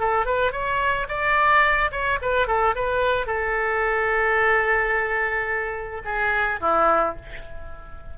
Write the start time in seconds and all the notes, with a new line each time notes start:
0.00 A4
0.26 B4
0.52 C#5
1.09 D5
1.92 C#5
2.22 B4
2.47 A4
2.75 B4
3.27 A4
6.05 G#4
6.61 E4